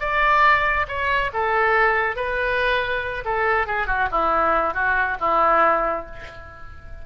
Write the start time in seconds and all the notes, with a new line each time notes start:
0.00 D5
0.88 C#5
1.33 A4
2.16 B4
3.25 A4
3.67 G#4
3.87 F#4
4.11 E4
4.74 F#4
5.20 E4